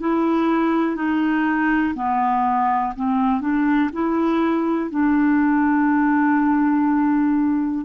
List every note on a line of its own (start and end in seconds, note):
0.00 0.96 E4
0.96 1.94 D#4
1.95 2.93 B3
2.96 3.41 C4
3.41 3.90 D4
3.93 4.90 E4
4.90 7.85 D4